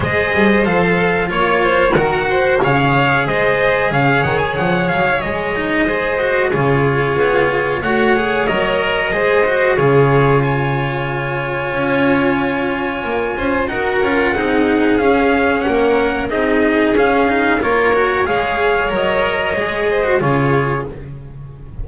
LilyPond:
<<
  \new Staff \with { instrumentName = "trumpet" } { \time 4/4 \tempo 4 = 92 dis''4 f''4 cis''4 fis''4 | f''4 dis''4 f''8 fis''16 gis''16 fis''8 f''8 | dis''2 cis''2 | fis''4 dis''2 cis''4 |
gis''1~ | gis''4 fis''2 f''4 | fis''4 dis''4 f''4 cis''4 | f''4 dis''2 cis''4 | }
  \new Staff \with { instrumentName = "violin" } { \time 4/4 c''2 cis''8 c''8 ais'8 c''8 | cis''4 c''4 cis''2~ | cis''4 c''4 gis'2 | cis''2 c''4 gis'4 |
cis''1~ | cis''8 c''8 ais'4 gis'2 | ais'4 gis'2 ais'4 | cis''2~ cis''8 c''8 gis'4 | }
  \new Staff \with { instrumentName = "cello" } { \time 4/4 gis'4 a'4 f'4 fis'4 | gis'1~ | gis'8 dis'8 gis'8 fis'8 f'2 | fis'8 gis'8 ais'4 gis'8 fis'8 f'4~ |
f'1~ | f'4 fis'8 f'8 dis'4 cis'4~ | cis'4 dis'4 cis'8 dis'8 f'8 fis'8 | gis'4 ais'4 gis'8. fis'16 f'4 | }
  \new Staff \with { instrumentName = "double bass" } { \time 4/4 gis8 g8 f4 ais4 dis4 | cis4 gis4 cis8 dis8 f8 fis8 | gis2 cis4 b4 | a4 fis4 gis4 cis4~ |
cis2 cis'2 | ais8 cis'8 dis'8 cis'8 c'4 cis'4 | ais4 c'4 cis'4 ais4 | gis4 fis4 gis4 cis4 | }
>>